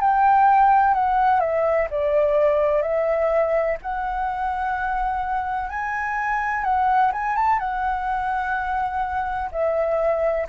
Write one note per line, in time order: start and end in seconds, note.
0.00 0.94 G5
0.94 1.40 F#5
1.40 1.87 E5
1.90 2.82 D5
2.82 3.77 E5
3.82 5.70 F#5
5.70 6.64 G#5
6.64 7.11 F#5
7.13 7.36 G#5
7.36 7.59 A5
7.59 9.50 F#5
9.52 10.47 E5